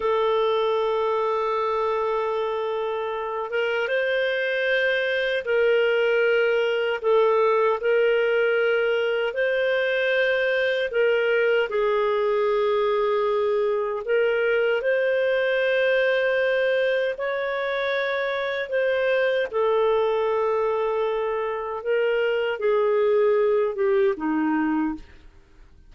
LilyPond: \new Staff \with { instrumentName = "clarinet" } { \time 4/4 \tempo 4 = 77 a'1~ | a'8 ais'8 c''2 ais'4~ | ais'4 a'4 ais'2 | c''2 ais'4 gis'4~ |
gis'2 ais'4 c''4~ | c''2 cis''2 | c''4 a'2. | ais'4 gis'4. g'8 dis'4 | }